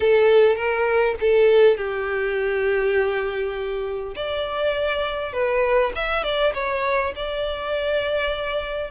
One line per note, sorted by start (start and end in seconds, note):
0.00 0.55 A4
0.55 1.15 A#4
1.20 1.77 A4
1.77 4.14 G4
4.15 5.32 D5
5.32 5.92 B4
5.95 6.23 E5
6.23 6.53 D5
6.53 7.13 C#5
7.15 8.90 D5